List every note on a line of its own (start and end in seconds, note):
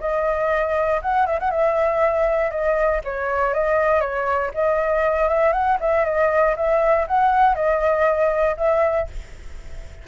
0.00 1.01 D#5
1.02 1.26 F#5
1.26 1.39 E5
1.39 1.51 F#5
1.51 2.50 E5
2.50 3.01 D#5
3.04 3.53 C#5
3.53 4.00 D#5
4.00 4.51 C#5
4.54 5.28 D#5
5.28 5.52 E5
5.52 5.78 F#5
5.80 6.05 E5
6.05 6.55 D#5
6.56 7.06 E5
7.07 7.55 F#5
7.55 8.56 D#5
8.57 9.07 E5